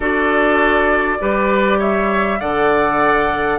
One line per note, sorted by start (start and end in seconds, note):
0.00 1.18 D4
0.00 1.19 F#4
0.00 1.18 A4
0.00 1.80 D5
1.19 2.40 G3
1.19 2.39 G4
1.19 1.79 B4
1.79 2.39 C#5
1.79 2.40 E5
2.39 3.59 D3
2.39 3.59 A4
2.39 3.59 D5
2.39 3.59 F#5